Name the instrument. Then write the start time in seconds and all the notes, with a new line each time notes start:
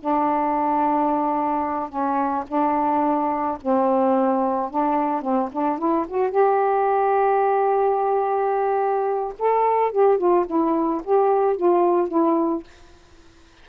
saxophone
0.00 D4
1.89 C#4
2.48 D4
3.62 C4
4.70 D4
5.21 C4
5.52 D4
5.78 E4
6.08 F#4
6.31 G4
9.39 A4
9.92 G4
10.18 F4
10.47 E4
11.04 G4
11.56 F4
12.08 E4